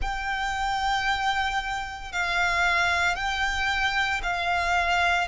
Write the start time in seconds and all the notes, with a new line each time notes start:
0.01 G5
2.12 F5
3.15 G5
4.22 F5